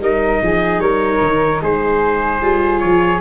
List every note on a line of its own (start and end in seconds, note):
0.00 0.40 G3
0.00 2.41 D#4
0.00 0.42 A#4
0.00 0.80 D#5
0.43 0.79 F3
0.43 0.82 G#4
0.79 1.19 G3
0.79 1.62 A#4
0.79 1.60 C#5
1.21 1.61 D#3
1.62 2.42 G#3
1.62 3.21 G#4
1.62 2.79 C5
2.41 2.82 G3
2.41 3.21 F4
2.79 3.21 F3
2.79 3.19 C#5